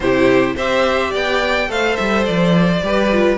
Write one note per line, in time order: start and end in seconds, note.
0.00 0.54 C3
0.00 0.57 E4
0.00 0.55 G4
0.00 0.55 C5
0.55 1.13 C4
0.55 1.68 G4
0.55 1.10 C5
0.55 1.13 E5
1.10 1.68 B3
1.10 1.67 D5
1.10 1.71 G5
1.68 1.97 A3
1.68 2.81 A4
1.68 2.83 C5
1.68 1.96 F5
1.96 2.28 G3
1.96 2.24 E5
2.25 2.81 F3
2.25 3.37 D5
2.81 3.37 G3
2.81 3.10 G4
2.81 3.37 B4
3.12 3.37 F4